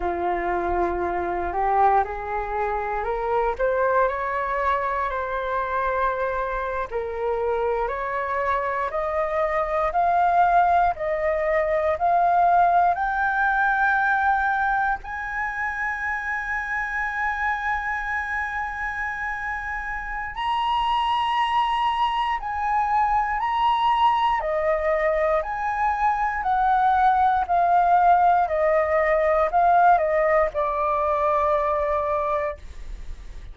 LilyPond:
\new Staff \with { instrumentName = "flute" } { \time 4/4 \tempo 4 = 59 f'4. g'8 gis'4 ais'8 c''8 | cis''4 c''4.~ c''16 ais'4 cis''16~ | cis''8. dis''4 f''4 dis''4 f''16~ | f''8. g''2 gis''4~ gis''16~ |
gis''1 | ais''2 gis''4 ais''4 | dis''4 gis''4 fis''4 f''4 | dis''4 f''8 dis''8 d''2 | }